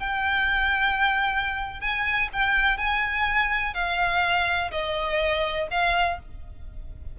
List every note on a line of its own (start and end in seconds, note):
0.00 1.81 G5
1.81 2.29 G#5
2.33 2.78 G5
2.78 3.74 G#5
3.74 4.71 F5
4.71 5.68 D#5
5.71 6.19 F5